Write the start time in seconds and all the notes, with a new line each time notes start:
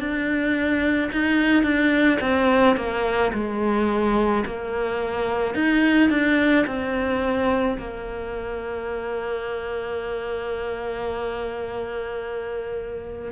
0.00 D4
1.13 D#4
1.64 D4
2.21 C4
2.77 A#3
3.34 G#3
4.46 A#3
5.55 D#4
6.11 D4
6.67 C4
7.79 A#3